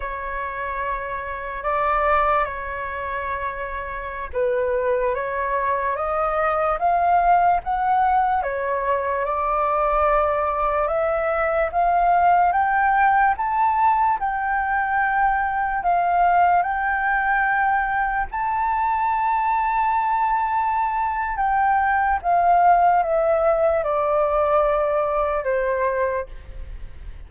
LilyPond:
\new Staff \with { instrumentName = "flute" } { \time 4/4 \tempo 4 = 73 cis''2 d''4 cis''4~ | cis''4~ cis''16 b'4 cis''4 dis''8.~ | dis''16 f''4 fis''4 cis''4 d''8.~ | d''4~ d''16 e''4 f''4 g''8.~ |
g''16 a''4 g''2 f''8.~ | f''16 g''2 a''4.~ a''16~ | a''2 g''4 f''4 | e''4 d''2 c''4 | }